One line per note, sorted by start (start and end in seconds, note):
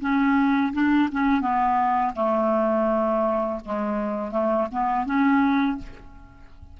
0.00 0.72 C#4
0.73 1.09 D4
1.11 1.41 C#4
1.41 2.13 B3
2.15 3.59 A3
3.65 4.31 G#3
4.31 4.67 A3
4.72 5.05 B3
5.05 5.78 C#4